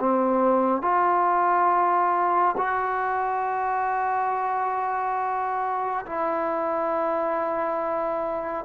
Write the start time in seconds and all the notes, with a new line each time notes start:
0.00 C4
0.82 F4
2.58 F#4
6.06 E4